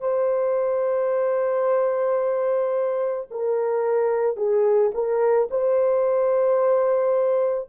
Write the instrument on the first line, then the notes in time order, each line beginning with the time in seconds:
horn
0.00 C5
3.30 A#4
4.36 G#4
4.94 A#4
5.50 C5